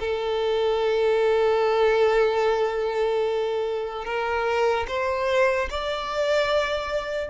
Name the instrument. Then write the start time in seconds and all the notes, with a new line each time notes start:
violin
0.00 A4
4.05 A#4
4.88 C5
5.70 D5